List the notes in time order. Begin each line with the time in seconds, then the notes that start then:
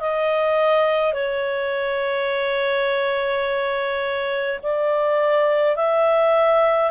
0.00 D#5
1.13 C#5
4.63 D5
5.76 E5